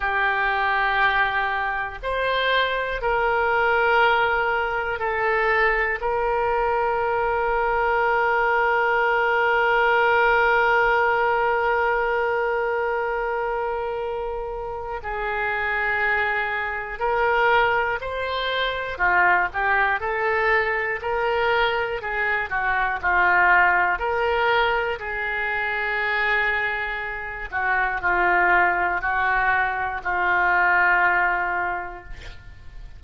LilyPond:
\new Staff \with { instrumentName = "oboe" } { \time 4/4 \tempo 4 = 60 g'2 c''4 ais'4~ | ais'4 a'4 ais'2~ | ais'1~ | ais'2. gis'4~ |
gis'4 ais'4 c''4 f'8 g'8 | a'4 ais'4 gis'8 fis'8 f'4 | ais'4 gis'2~ gis'8 fis'8 | f'4 fis'4 f'2 | }